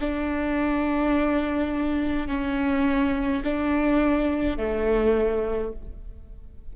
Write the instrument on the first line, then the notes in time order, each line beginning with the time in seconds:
viola
0.00 D4
2.28 C#4
3.44 D4
4.57 A3